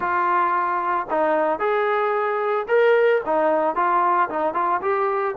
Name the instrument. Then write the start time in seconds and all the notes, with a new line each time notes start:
trombone
0.00 F4
1.10 D#4
1.59 G#4
2.68 A#4
3.25 D#4
3.75 F4
4.29 D#4
4.53 F4
4.81 G4